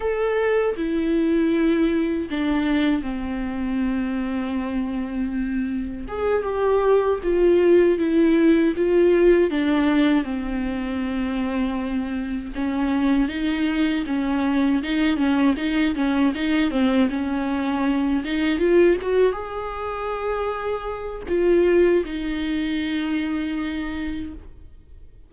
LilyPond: \new Staff \with { instrumentName = "viola" } { \time 4/4 \tempo 4 = 79 a'4 e'2 d'4 | c'1 | gis'8 g'4 f'4 e'4 f'8~ | f'8 d'4 c'2~ c'8~ |
c'8 cis'4 dis'4 cis'4 dis'8 | cis'8 dis'8 cis'8 dis'8 c'8 cis'4. | dis'8 f'8 fis'8 gis'2~ gis'8 | f'4 dis'2. | }